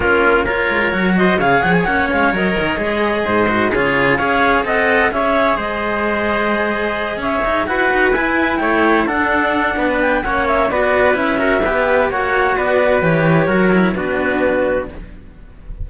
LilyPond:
<<
  \new Staff \with { instrumentName = "clarinet" } { \time 4/4 \tempo 4 = 129 ais'4 cis''4. dis''8 f''8 fis''16 gis''16 | fis''8 f''8 dis''2. | cis''4 f''4 fis''4 e''4 | dis''2.~ dis''8 e''8~ |
e''8 fis''4 gis''4 g''4 fis''8~ | fis''4. g''8 fis''8 e''8 d''4 | e''2 fis''4 d''4 | cis''2 b'2 | }
  \new Staff \with { instrumentName = "trumpet" } { \time 4/4 f'4 ais'4. c''8 cis''4~ | cis''2. c''4 | gis'4 cis''4 dis''4 cis''4 | c''2.~ c''8 cis''8~ |
cis''8 b'2 cis''4 a'8~ | a'4 b'4 cis''4 b'4~ | b'8 ais'8 b'4 cis''4 b'4~ | b'4 ais'4 fis'2 | }
  \new Staff \with { instrumentName = "cello" } { \time 4/4 cis'4 f'4 fis'4 gis'4 | cis'4 ais'4 gis'4. fis'8 | f'4 gis'4 a'4 gis'4~ | gis'1~ |
gis'8 fis'4 e'2 d'8~ | d'2 cis'4 fis'4 | e'8 fis'8 g'4 fis'2 | g'4 fis'8 e'8 d'2 | }
  \new Staff \with { instrumentName = "cello" } { \time 4/4 ais4. gis8 fis4 cis8 f8 | ais8 gis8 fis8 dis8 gis4 gis,4 | cis4 cis'4 c'4 cis'4 | gis2.~ gis8 cis'8 |
dis'8 e'8 dis'8 e'4 a4 d'8~ | d'4 b4 ais4 b4 | cis'4 b4 ais4 b4 | e4 fis4 b2 | }
>>